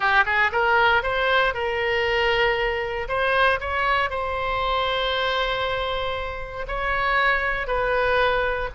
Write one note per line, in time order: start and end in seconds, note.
0.00 0.24 G4
0.25 0.51 G#4
0.52 1.02 A#4
1.02 1.54 C5
1.54 3.08 A#4
3.08 3.59 C5
3.60 4.10 C#5
4.10 6.66 C5
6.67 7.67 C#5
7.67 8.69 B4